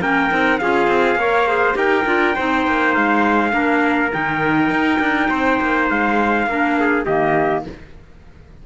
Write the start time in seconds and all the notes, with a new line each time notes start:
0.00 A#3 C#4 A#4 G5
0.29 C4 D#4
0.58 C#4 F4 G#4 F5
0.87 C4
1.15 A#3 A#4 C#5
1.47 G#4 C5
1.73 D#4 G4 A#4 G5
2.05 D4 F4
2.35 C4 D#4 C5
2.66 A#3
2.94 G#3 F5
3.50 A#3 D4 A#4
4.12 D#3 D#4 G5
4.70 D#4
4.99 D4
5.29 C4 C5
5.61 A#3
5.89 G#3 F5
6.46 A#3 D4 A#4
6.79 G#4
7.04 D#3 A#3 G4 D#5